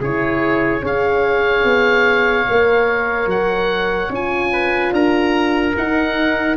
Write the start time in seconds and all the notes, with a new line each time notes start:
0.00 C#3 E4 G#4 C#5
0.82 C#4 G#4 C#5 F5
1.64 B3
2.48 A#3 A#4
3.27 F#3 F#5
4.10 C#4 F4 G#5
4.52 B4
4.92 D4 A#4 A#5
5.76 D#4 F#5